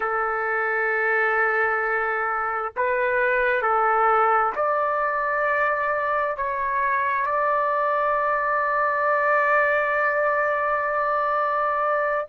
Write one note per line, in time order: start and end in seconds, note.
0.00 2.73 A4
2.76 3.62 B4
3.62 4.52 A4
4.55 6.36 D5
6.36 7.26 C#5
7.26 12.26 D5